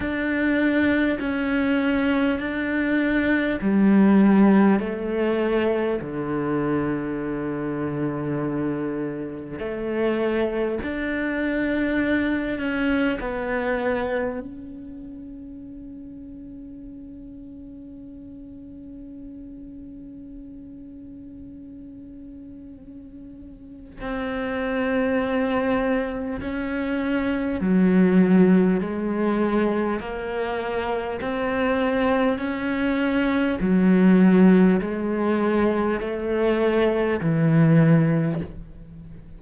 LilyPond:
\new Staff \with { instrumentName = "cello" } { \time 4/4 \tempo 4 = 50 d'4 cis'4 d'4 g4 | a4 d2. | a4 d'4. cis'8 b4 | cis'1~ |
cis'1 | c'2 cis'4 fis4 | gis4 ais4 c'4 cis'4 | fis4 gis4 a4 e4 | }